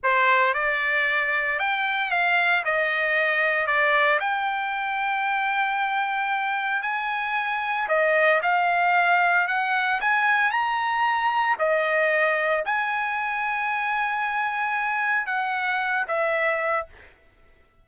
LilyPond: \new Staff \with { instrumentName = "trumpet" } { \time 4/4 \tempo 4 = 114 c''4 d''2 g''4 | f''4 dis''2 d''4 | g''1~ | g''4 gis''2 dis''4 |
f''2 fis''4 gis''4 | ais''2 dis''2 | gis''1~ | gis''4 fis''4. e''4. | }